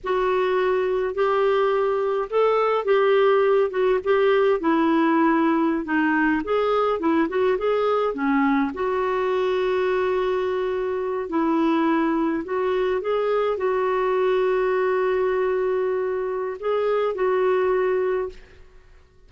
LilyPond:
\new Staff \with { instrumentName = "clarinet" } { \time 4/4 \tempo 4 = 105 fis'2 g'2 | a'4 g'4. fis'8 g'4 | e'2~ e'16 dis'4 gis'8.~ | gis'16 e'8 fis'8 gis'4 cis'4 fis'8.~ |
fis'2.~ fis'8. e'16~ | e'4.~ e'16 fis'4 gis'4 fis'16~ | fis'1~ | fis'4 gis'4 fis'2 | }